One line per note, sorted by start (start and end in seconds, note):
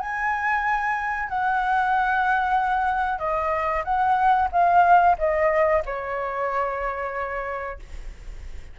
0.00 1.29 G#5
1.29 3.19 F#5
3.19 3.84 D#5
3.85 4.49 F#5
4.52 5.17 F5
5.18 5.83 D#5
5.86 7.79 C#5